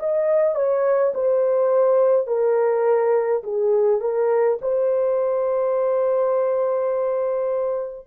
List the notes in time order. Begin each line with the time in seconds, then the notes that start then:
0.00 D#5
0.56 C#5
1.15 C5
2.28 A#4
3.44 G#4
4.01 A#4
4.62 C5